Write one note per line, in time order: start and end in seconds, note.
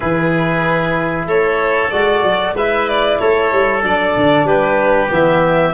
0.00 1.25 E3
0.00 1.91 E4
0.00 1.27 G#4
0.00 1.25 B4
1.25 1.89 A3
1.25 2.54 A4
1.25 1.90 C#5
1.90 2.23 G#3
1.90 2.55 F#4
1.90 2.54 D5
2.23 2.53 F#3
2.53 3.16 G#3
2.53 3.81 E4
2.53 3.19 B4
2.53 2.89 E5
2.89 3.18 D5
3.18 3.52 A3
3.18 4.46 A4
3.18 3.82 C#5
3.52 3.83 G3
3.81 4.15 F#3
3.81 5.08 D4
3.81 4.46 D5
4.16 4.44 D3
4.44 5.08 G3
4.44 5.73 G4
4.44 5.10 B4
5.08 5.73 E3
5.08 5.72 B3
5.08 5.73 E5